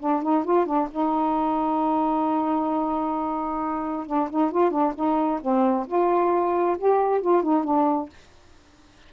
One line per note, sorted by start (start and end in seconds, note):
0.00 0.23 D4
0.23 0.45 D#4
0.45 0.66 F4
0.66 0.89 D4
0.91 4.07 D#4
4.07 4.29 D4
4.30 4.51 D#4
4.51 4.71 F4
4.71 4.94 D4
4.95 5.41 D#4
5.42 5.87 C4
5.87 6.78 F4
6.78 7.21 G4
7.21 7.43 F4
7.43 7.64 D#4
7.64 8.10 D4